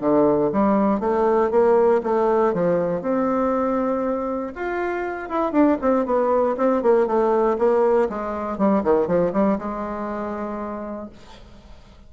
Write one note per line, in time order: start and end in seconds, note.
0.00 0.50 D3
0.52 1.00 G3
1.00 1.50 A3
1.50 2.01 A#3
2.03 2.53 A3
2.53 3.01 F3
3.01 4.52 C4
4.55 5.29 F4
5.29 5.52 E4
5.52 5.77 D4
5.81 6.05 C4
6.05 6.56 B3
6.57 6.82 C4
6.82 7.06 A#3
7.06 7.57 A3
7.58 8.08 A#3
8.09 8.58 G#3
8.58 8.83 G3
8.83 9.07 D#3
9.07 9.32 F3
9.33 9.58 G3
9.58 11.09 G#3